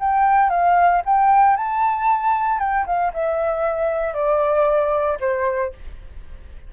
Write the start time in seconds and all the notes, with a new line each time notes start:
0.00 G5
0.50 F5
1.06 G5
1.57 A5
2.59 G5
2.86 F5
3.14 E5
4.14 D5
5.21 C5